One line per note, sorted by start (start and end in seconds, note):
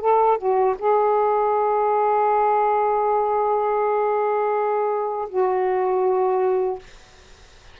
0.00 0.38 A4
0.38 0.75 F#4
0.78 5.28 G#4
5.28 6.78 F#4